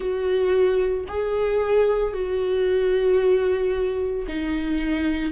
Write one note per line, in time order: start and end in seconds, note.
0.00 1.04 F#4
1.08 2.13 G#4
2.13 4.25 F#4
4.27 5.32 D#4